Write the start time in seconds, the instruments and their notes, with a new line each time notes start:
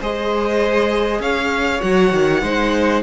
0.00 cello G#3, viola G#4, violin C5 D#5
1.19 cello C#4, violin C#5 F5
1.81 cello F#3, viola F#4, violin F#5
2.13 cello D#3
2.42 cello G#3, viola D#4, violin C5